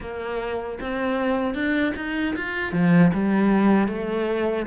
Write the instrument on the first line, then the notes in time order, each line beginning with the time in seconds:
cello
0.00 A#3
0.80 C4
1.54 D4
1.96 D#4
2.36 F4
2.72 F3
3.13 G3
3.87 A3